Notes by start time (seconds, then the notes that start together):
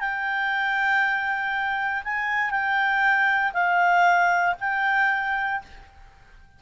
0.00 G5
2.05 G#5
2.51 G5
3.54 F5
4.60 G5